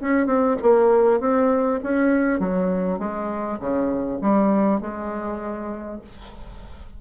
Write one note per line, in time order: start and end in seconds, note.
0.00 0.26 C#4
0.26 0.56 C4
0.61 1.20 A#3
1.20 1.80 C4
1.83 2.39 C#4
2.39 2.98 F#3
2.98 3.58 G#3
3.59 4.19 C#3
4.21 4.80 G3
4.80 6.00 G#3